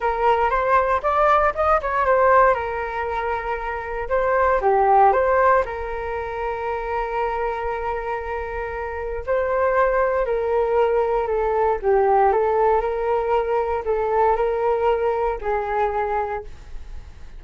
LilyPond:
\new Staff \with { instrumentName = "flute" } { \time 4/4 \tempo 4 = 117 ais'4 c''4 d''4 dis''8 cis''8 | c''4 ais'2. | c''4 g'4 c''4 ais'4~ | ais'1~ |
ais'2 c''2 | ais'2 a'4 g'4 | a'4 ais'2 a'4 | ais'2 gis'2 | }